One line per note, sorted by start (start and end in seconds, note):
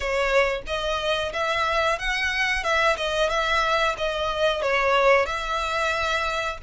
0.00 0.61 C#5
0.66 1.32 D#5
1.33 1.98 E5
1.98 2.63 F#5
2.63 2.96 E5
2.96 3.29 D#5
3.29 3.95 E5
3.97 4.62 D#5
4.62 5.25 C#5
5.25 6.57 E5